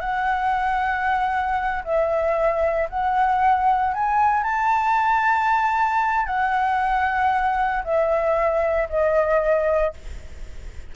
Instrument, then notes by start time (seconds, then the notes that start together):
flute
0.00 F#5
1.84 E5
2.89 F#5
3.94 G#5
4.43 A5
6.26 F#5
7.84 E5
8.89 D#5